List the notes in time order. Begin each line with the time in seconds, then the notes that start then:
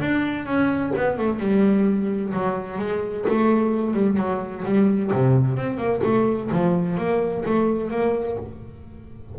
0.00 D4
0.46 C#4
0.96 B3
1.18 A3
1.40 G3
2.33 F#3
2.79 G#3
3.29 A3
3.94 G3
4.17 F#3
4.65 G3
5.12 C3
5.57 C4
5.78 A#3
6.03 A3
6.52 F3
6.97 A#3
7.46 A3
7.90 A#3